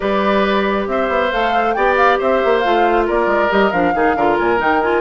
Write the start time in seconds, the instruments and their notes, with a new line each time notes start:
0.00 bassoon G3, clarinet G4, oboe B4, flute D5
0.87 bassoon C4, oboe C5, flute E5
1.08 bassoon B3
1.31 bassoon A3, clarinet A4, flute F5
1.73 bassoon B3, clarinet G4, oboe D5, flute G5
1.97 flute F5
2.19 bassoon C4, oboe C5, flute E5
2.44 bassoon A#3
2.59 clarinet F4, flute F5
2.65 bassoon A3
3.06 bassoon A#3, oboe A#4, flute D5
3.26 bassoon G#3
3.49 bassoon G3, clarinet G4, flute D#5
3.71 bassoon F3, clarinet D4, flute F5
3.94 bassoon D#3, clarinet D#4, oboe G#4
4.15 bassoon D3, clarinet F4, oboe A#4
4.38 bassoon A#2, flute G#5
4.57 bassoon D#3, clarinet D#4, flute G5
4.82 clarinet F4, flute G#5